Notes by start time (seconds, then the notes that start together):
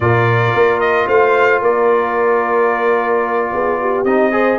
0.00 A#2 F4 A#4 D5
0.54 A#3
0.80 D#5
1.06 A3 C5 F5
1.61 A#3 A#4 D5
3.52 B3 G#4
3.80 G4
4.04 C4 D#4 D#5
4.31 G#4 C5